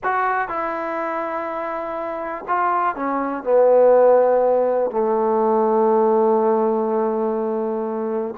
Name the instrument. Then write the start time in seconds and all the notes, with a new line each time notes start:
trombone
0.03 F#4
0.48 E4
2.47 F4
2.95 C#4
3.43 B3
4.90 A3